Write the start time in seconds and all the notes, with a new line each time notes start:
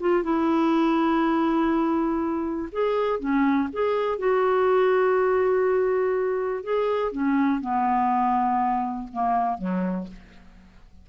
0.00 F4
0.23 E4
2.72 G#4
3.19 C#4
3.73 G#4
4.18 F#4
6.64 G#4
7.12 C#4
7.61 B3
9.12 A#3
9.58 F#3